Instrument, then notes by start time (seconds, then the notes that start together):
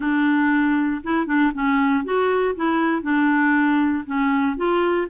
clarinet
0.00 D4
1.03 E4
1.26 D4
1.54 C#4
2.04 F#4
2.55 E4
3.02 D4
4.06 C#4
4.56 F4